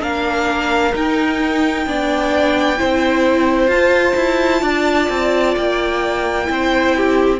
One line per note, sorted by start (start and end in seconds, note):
0.00 0.94 A#3
0.00 0.92 D4
0.00 1.87 A#4
0.00 0.95 F5
0.93 1.86 D#4
0.93 3.70 G5
1.86 2.78 B3
1.86 2.77 D4
1.86 2.79 D5
2.77 3.68 C4
2.77 3.69 E4
2.77 4.62 C5
3.68 4.14 F4
3.68 6.45 F4
3.68 5.55 A5
4.16 4.62 E4
4.62 5.08 D4
4.62 6.46 D5
5.10 5.56 C4
5.57 6.49 A#3
5.57 7.40 G5
6.45 7.40 C4
6.45 7.38 E4
6.52 6.97 C5
6.97 7.40 G4